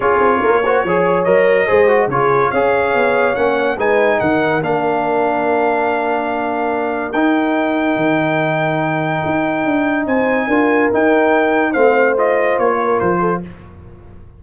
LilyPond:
<<
  \new Staff \with { instrumentName = "trumpet" } { \time 4/4 \tempo 4 = 143 cis''2. dis''4~ | dis''4 cis''4 f''2 | fis''4 gis''4 fis''4 f''4~ | f''1~ |
f''4 g''2.~ | g''1 | gis''2 g''2 | f''4 dis''4 cis''4 c''4 | }
  \new Staff \with { instrumentName = "horn" } { \time 4/4 gis'4 ais'8 c''8 cis''2 | c''4 gis'4 cis''2~ | cis''4 b'4 ais'2~ | ais'1~ |
ais'1~ | ais'1 | c''4 ais'2. | c''2~ c''8 ais'4 a'8 | }
  \new Staff \with { instrumentName = "trombone" } { \time 4/4 f'4. fis'8 gis'4 ais'4 | gis'8 fis'8 f'4 gis'2 | cis'4 dis'2 d'4~ | d'1~ |
d'4 dis'2.~ | dis'1~ | dis'4 f'4 dis'2 | c'4 f'2. | }
  \new Staff \with { instrumentName = "tuba" } { \time 4/4 cis'8 c'8 ais4 f4 fis4 | gis4 cis4 cis'4 b4 | ais4 gis4 dis4 ais4~ | ais1~ |
ais4 dis'2 dis4~ | dis2 dis'4 d'4 | c'4 d'4 dis'2 | a2 ais4 f4 | }
>>